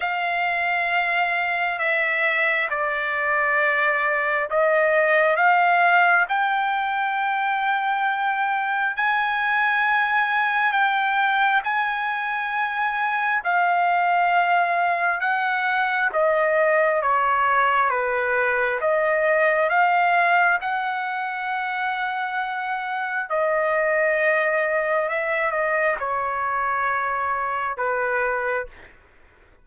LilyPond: \new Staff \with { instrumentName = "trumpet" } { \time 4/4 \tempo 4 = 67 f''2 e''4 d''4~ | d''4 dis''4 f''4 g''4~ | g''2 gis''2 | g''4 gis''2 f''4~ |
f''4 fis''4 dis''4 cis''4 | b'4 dis''4 f''4 fis''4~ | fis''2 dis''2 | e''8 dis''8 cis''2 b'4 | }